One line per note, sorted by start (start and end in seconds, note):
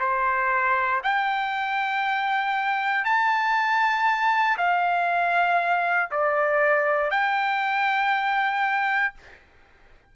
0.00 1.02 C5
1.04 3.05 G5
3.05 4.57 A5
4.58 6.10 F5
6.11 7.11 D5
7.11 9.14 G5